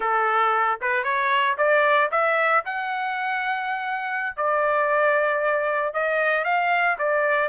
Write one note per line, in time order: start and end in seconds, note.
0.00 0.79 A4
0.81 1.03 B4
1.03 1.56 C#5
1.57 2.10 D5
2.11 2.63 E5
2.65 4.36 F#5
4.36 5.93 D5
5.93 6.44 D#5
6.44 6.96 F5
6.98 7.49 D5